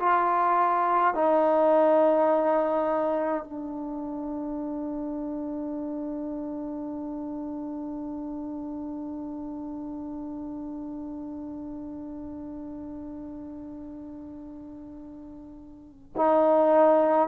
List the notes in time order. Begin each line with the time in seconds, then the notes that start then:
0.00 F4
1.15 D#4
3.45 D4
16.16 D#4